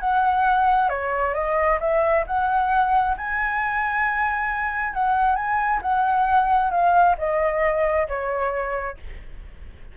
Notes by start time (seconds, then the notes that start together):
0.00 F#5
0.89 C#5
1.34 D#5
1.80 E5
2.27 F#5
3.17 G#5
4.93 F#5
5.35 G#5
5.82 F#5
6.71 F5
7.18 D#5
8.08 C#5